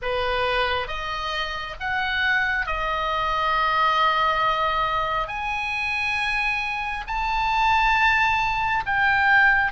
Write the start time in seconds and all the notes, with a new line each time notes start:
0.02 B4
0.87 D#5
1.79 F#5
2.66 D#5
5.27 G#5
7.07 A5
8.86 G5